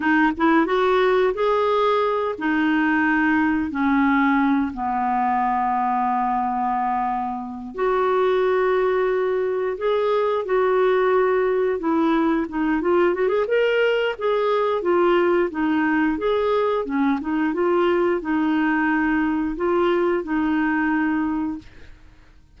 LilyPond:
\new Staff \with { instrumentName = "clarinet" } { \time 4/4 \tempo 4 = 89 dis'8 e'8 fis'4 gis'4. dis'8~ | dis'4. cis'4. b4~ | b2.~ b8 fis'8~ | fis'2~ fis'8 gis'4 fis'8~ |
fis'4. e'4 dis'8 f'8 fis'16 gis'16 | ais'4 gis'4 f'4 dis'4 | gis'4 cis'8 dis'8 f'4 dis'4~ | dis'4 f'4 dis'2 | }